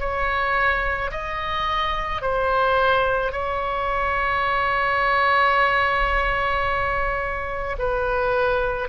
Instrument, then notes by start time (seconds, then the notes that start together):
oboe
0.00 C#5
1.12 D#5
2.22 C5
3.32 C#5
7.79 B4